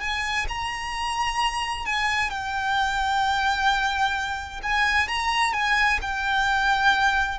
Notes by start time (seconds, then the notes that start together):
0.00 G#5
0.48 A#5
1.85 G#5
2.30 G5
4.62 G#5
5.08 A#5
5.53 G#5
6.02 G5